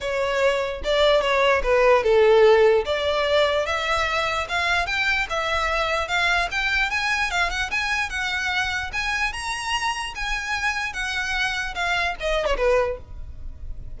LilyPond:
\new Staff \with { instrumentName = "violin" } { \time 4/4 \tempo 4 = 148 cis''2 d''4 cis''4 | b'4 a'2 d''4~ | d''4 e''2 f''4 | g''4 e''2 f''4 |
g''4 gis''4 f''8 fis''8 gis''4 | fis''2 gis''4 ais''4~ | ais''4 gis''2 fis''4~ | fis''4 f''4 dis''8. cis''16 b'4 | }